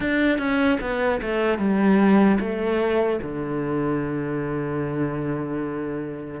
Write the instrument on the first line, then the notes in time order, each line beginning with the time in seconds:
cello
0.00 D4
0.38 C#4
0.80 B3
1.21 A3
1.58 G3
2.39 A3
3.22 D3